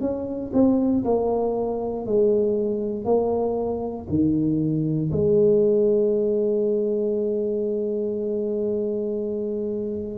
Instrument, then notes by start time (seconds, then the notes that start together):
tuba
0.00 C#4
0.53 C4
1.04 A#3
2.06 G#3
3.05 A#3
4.09 D#3
5.11 G#3